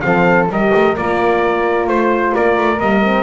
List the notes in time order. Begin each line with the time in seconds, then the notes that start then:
0.00 F3 C4 A4 F5
0.49 G3 G4 A#4 D#5
0.74 A3
0.96 A#3 F4 D5
1.87 A3 C5
2.35 A#3 A#4 D5
2.57 A3
2.79 G3 A#3 D#5
3.03 C4